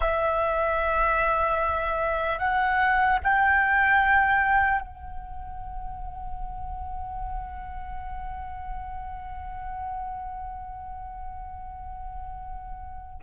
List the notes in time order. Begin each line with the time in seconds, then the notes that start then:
0.00 E5
2.39 F#5
3.23 G5
4.80 F#5